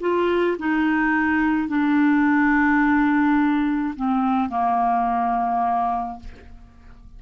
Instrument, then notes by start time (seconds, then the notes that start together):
clarinet
0.00 F4
0.58 D#4
1.68 D4
3.95 C4
4.49 A#3